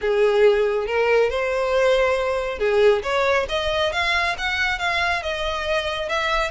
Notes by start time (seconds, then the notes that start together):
0.01 G#4
0.86 A#4
1.30 C5
2.58 G#4
3.02 C#5
3.48 D#5
3.92 F5
4.38 F#5
4.78 F5
5.22 D#5
6.08 E5